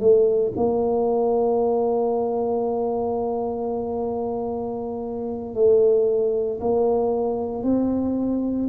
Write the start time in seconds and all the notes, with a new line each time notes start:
0.00 A3
0.56 A#3
5.55 A3
6.60 A#3
7.63 C4